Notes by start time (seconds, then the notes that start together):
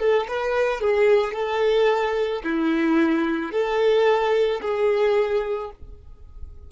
0.00 A4
0.29 B4
0.81 G#4
1.34 A4
2.44 E4
3.52 A4
4.62 G#4